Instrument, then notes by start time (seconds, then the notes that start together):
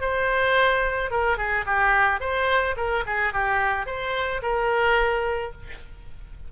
oboe
0.00 C5
1.10 A#4
1.37 G#4
1.65 G4
2.20 C5
2.76 A#4
3.06 G#4
3.33 G4
3.86 C5
4.42 A#4